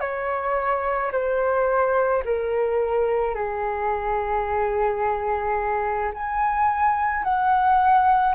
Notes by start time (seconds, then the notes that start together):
0.00 C#5
1.12 C5
2.25 A#4
3.35 G#4
6.14 G#5
7.24 F#5